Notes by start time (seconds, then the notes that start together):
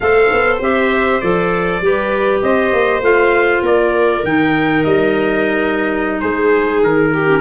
0.00 A3 A4 C5 F5
0.31 B3
0.59 C4 G4 E5
1.20 F3 A4 D5
1.80 G3 G4 B4
2.42 C4 C5 D#5
2.72 A#3
3.00 A3 F4 F5
3.62 A#3 A#4 D5
4.23 D#3 D#4 G5
4.84 G3 D#5
6.20 G#3 G#4 C5
6.83 D#3 A#4
7.13 G4
7.27 C#4